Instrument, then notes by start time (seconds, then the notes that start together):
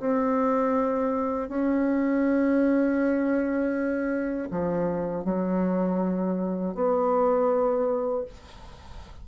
bassoon
0.00 C4
1.49 C#4
4.51 F3
5.25 F#3
6.75 B3